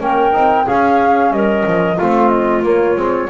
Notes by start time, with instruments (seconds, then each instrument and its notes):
0.00 double bass A#3, trombone C#4, clarinet A#4, flute G5
0.32 double bass C4, trombone D#4
0.65 trombone C#4, double bass C#4, clarinet G#4, flute F5
1.31 double bass G3, clarinet A#4, flute D#5
1.66 double bass F3
1.97 double bass A3, trombone C4, clarinet F4, flute F5
2.29 flute D#5
2.63 double bass A#3, trombone A#3, flute C#5
2.96 double bass G#3, trombone C4